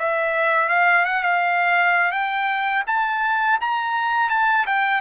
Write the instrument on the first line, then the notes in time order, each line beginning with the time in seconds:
trumpet
0.00 E5
0.69 F5
1.06 F#5
1.24 F5
2.12 G5
2.88 A5
3.61 A#5
4.30 A5
4.67 G5